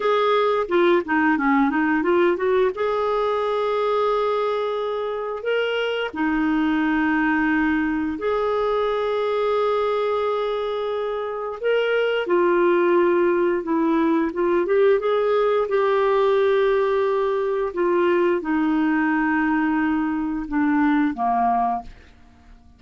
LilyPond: \new Staff \with { instrumentName = "clarinet" } { \time 4/4 \tempo 4 = 88 gis'4 f'8 dis'8 cis'8 dis'8 f'8 fis'8 | gis'1 | ais'4 dis'2. | gis'1~ |
gis'4 ais'4 f'2 | e'4 f'8 g'8 gis'4 g'4~ | g'2 f'4 dis'4~ | dis'2 d'4 ais4 | }